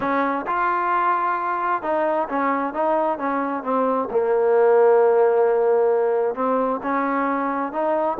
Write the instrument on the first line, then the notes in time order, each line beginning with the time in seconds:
trombone
0.00 C#4
0.46 F4
1.82 D#4
2.28 C#4
2.73 D#4
3.18 C#4
3.63 C4
4.11 A#3
6.34 C4
6.82 C#4
7.72 D#4